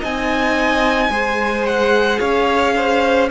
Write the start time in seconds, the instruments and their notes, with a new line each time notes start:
0.00 cello C4, viola D#4, violin D#5 G#5
1.10 cello G#3, viola G#4, violin C5
1.66 violin F#5
2.20 cello C#4, violin C#5 F5
2.76 violin C5